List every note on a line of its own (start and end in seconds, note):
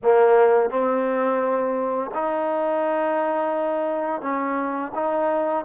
0.02 0.69 A#3
0.69 2.10 C4
2.14 4.21 D#4
4.21 4.92 C#4
4.94 5.65 D#4